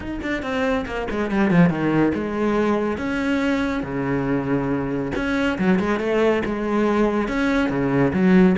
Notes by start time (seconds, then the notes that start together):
0.00 D#4
0.22 D4
0.42 C4
0.86 A#3
1.10 G#3
1.31 G3
1.50 F3
1.69 D#3
2.14 G#3
2.97 C#4
3.83 C#3
5.15 C#4
5.58 F#3
5.79 G#3
5.99 A3
6.45 G#3
7.28 C#4
7.69 C#3
8.13 F#3